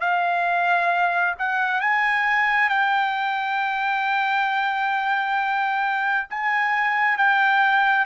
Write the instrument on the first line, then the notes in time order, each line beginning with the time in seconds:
trumpet
0.00 F5
1.38 F#5
1.80 G#5
2.69 G5
6.30 G#5
7.17 G5